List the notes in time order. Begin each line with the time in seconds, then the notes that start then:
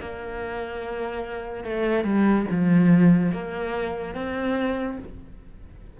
0.00 A#3
1.64 A3
2.04 G3
2.50 F3
3.32 A#3
4.14 C4